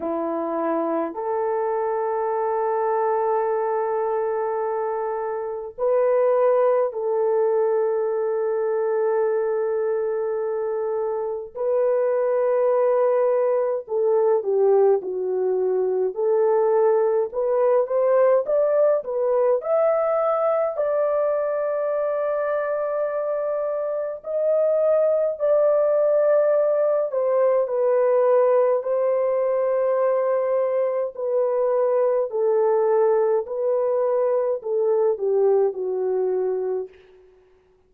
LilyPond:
\new Staff \with { instrumentName = "horn" } { \time 4/4 \tempo 4 = 52 e'4 a'2.~ | a'4 b'4 a'2~ | a'2 b'2 | a'8 g'8 fis'4 a'4 b'8 c''8 |
d''8 b'8 e''4 d''2~ | d''4 dis''4 d''4. c''8 | b'4 c''2 b'4 | a'4 b'4 a'8 g'8 fis'4 | }